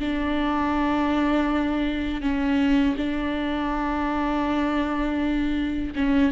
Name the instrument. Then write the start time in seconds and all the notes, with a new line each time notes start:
viola
0.00 D4
2.22 C#4
2.98 D4
5.96 C#4